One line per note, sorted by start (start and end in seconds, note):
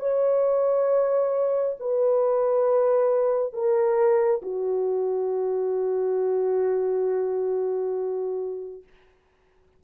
0.00 1.76 C#5
1.80 3.53 B4
3.53 4.42 A#4
4.42 8.84 F#4